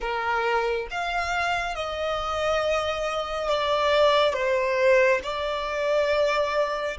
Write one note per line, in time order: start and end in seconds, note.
0.00 0.87 A#4
0.91 1.75 F5
1.75 3.48 D#5
3.48 4.33 D5
4.33 5.20 C5
5.23 6.97 D5